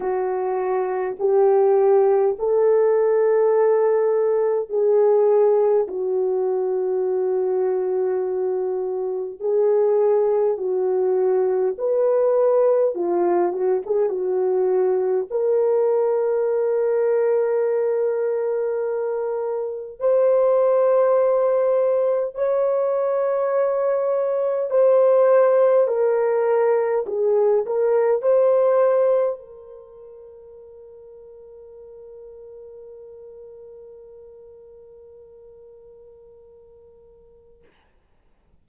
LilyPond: \new Staff \with { instrumentName = "horn" } { \time 4/4 \tempo 4 = 51 fis'4 g'4 a'2 | gis'4 fis'2. | gis'4 fis'4 b'4 f'8 fis'16 gis'16 | fis'4 ais'2.~ |
ais'4 c''2 cis''4~ | cis''4 c''4 ais'4 gis'8 ais'8 | c''4 ais'2.~ | ais'1 | }